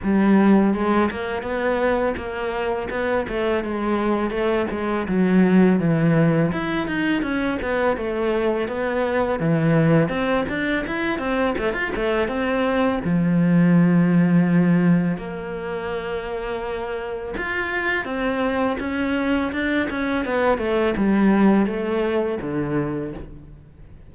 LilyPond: \new Staff \with { instrumentName = "cello" } { \time 4/4 \tempo 4 = 83 g4 gis8 ais8 b4 ais4 | b8 a8 gis4 a8 gis8 fis4 | e4 e'8 dis'8 cis'8 b8 a4 | b4 e4 c'8 d'8 e'8 c'8 |
a16 f'16 a8 c'4 f2~ | f4 ais2. | f'4 c'4 cis'4 d'8 cis'8 | b8 a8 g4 a4 d4 | }